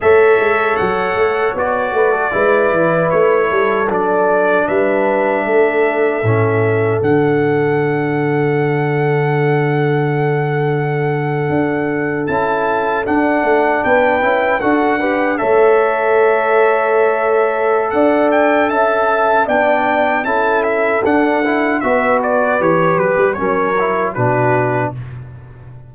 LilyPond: <<
  \new Staff \with { instrumentName = "trumpet" } { \time 4/4 \tempo 4 = 77 e''4 fis''4 d''2 | cis''4 d''4 e''2~ | e''4 fis''2.~ | fis''2.~ fis''8. a''16~ |
a''8. fis''4 g''4 fis''4 e''16~ | e''2. fis''8 g''8 | a''4 g''4 a''8 e''8 fis''4 | e''8 d''8 cis''8 b'8 cis''4 b'4 | }
  \new Staff \with { instrumentName = "horn" } { \time 4/4 cis''2~ cis''8 b'16 a'16 b'4~ | b'8 a'4. b'4 a'4~ | a'1~ | a'1~ |
a'4.~ a'16 b'4 a'8 b'8 cis''16~ | cis''2. d''4 | e''4 d''4 a'2 | b'2 ais'4 fis'4 | }
  \new Staff \with { instrumentName = "trombone" } { \time 4/4 a'2 fis'4 e'4~ | e'4 d'2. | cis'4 d'2.~ | d'2.~ d'8. e'16~ |
e'8. d'4. e'8 fis'8 g'8 a'16~ | a'1~ | a'4 d'4 e'4 d'8 e'8 | fis'4 g'4 cis'8 e'8 d'4 | }
  \new Staff \with { instrumentName = "tuba" } { \time 4/4 a8 gis8 fis8 a8 b8 a8 gis8 e8 | a8 g8 fis4 g4 a4 | a,4 d2.~ | d2~ d8. d'4 cis'16~ |
cis'8. d'8 a8 b8 cis'8 d'4 a16~ | a2. d'4 | cis'4 b4 cis'4 d'4 | b4 e8 fis16 g16 fis4 b,4 | }
>>